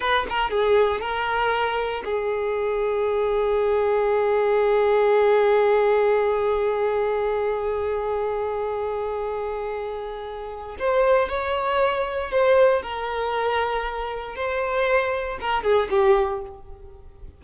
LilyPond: \new Staff \with { instrumentName = "violin" } { \time 4/4 \tempo 4 = 117 b'8 ais'8 gis'4 ais'2 | gis'1~ | gis'1~ | gis'1~ |
gis'1~ | gis'4 c''4 cis''2 | c''4 ais'2. | c''2 ais'8 gis'8 g'4 | }